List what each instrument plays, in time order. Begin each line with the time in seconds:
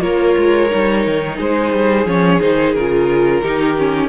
0.00 cello A#3, viola F4, violin A#4 C#5
0.37 cello G#3
0.69 cello G3, viola D#4
1.07 cello D#3
1.36 cello G#3, violin G#4 C5
1.73 cello G3
2.05 cello F3, viola C#4, violin C#5
2.40 cello D#3, viola D#4, violin C5
2.74 cello C#3, viola F4, violin A#4
3.42 cello D#3, viola D#4, violin G4
3.77 viola C#4